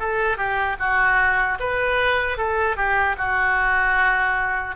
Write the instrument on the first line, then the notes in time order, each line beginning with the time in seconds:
oboe
0.00 A4
0.37 G4
0.80 F#4
1.60 B4
2.38 A4
2.77 G4
3.18 F#4